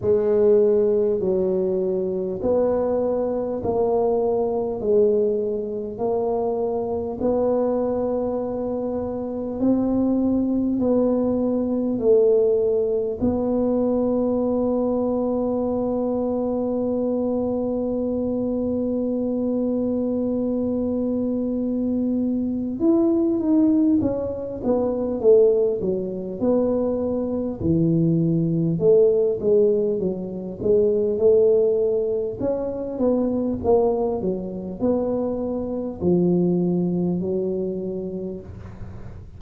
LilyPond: \new Staff \with { instrumentName = "tuba" } { \time 4/4 \tempo 4 = 50 gis4 fis4 b4 ais4 | gis4 ais4 b2 | c'4 b4 a4 b4~ | b1~ |
b2. e'8 dis'8 | cis'8 b8 a8 fis8 b4 e4 | a8 gis8 fis8 gis8 a4 cis'8 b8 | ais8 fis8 b4 f4 fis4 | }